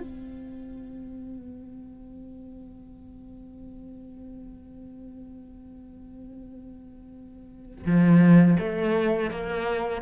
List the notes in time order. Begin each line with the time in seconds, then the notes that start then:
0.00 C4
7.86 F3
8.60 A3
9.31 A#3